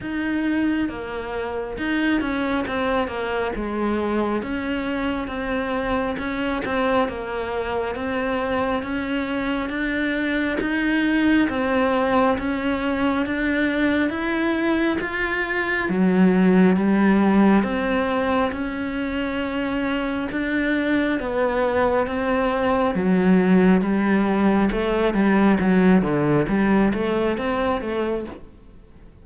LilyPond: \new Staff \with { instrumentName = "cello" } { \time 4/4 \tempo 4 = 68 dis'4 ais4 dis'8 cis'8 c'8 ais8 | gis4 cis'4 c'4 cis'8 c'8 | ais4 c'4 cis'4 d'4 | dis'4 c'4 cis'4 d'4 |
e'4 f'4 fis4 g4 | c'4 cis'2 d'4 | b4 c'4 fis4 g4 | a8 g8 fis8 d8 g8 a8 c'8 a8 | }